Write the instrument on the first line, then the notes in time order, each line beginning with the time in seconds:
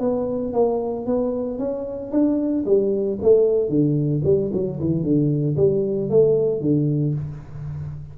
tuba
0.00 B3
0.53 A#3
1.06 B3
1.59 C#4
2.12 D4
2.65 G3
3.22 A3
3.69 D3
4.25 G3
4.53 F#3
4.80 E3
5.03 D3
5.57 G3
6.10 A3
6.61 D3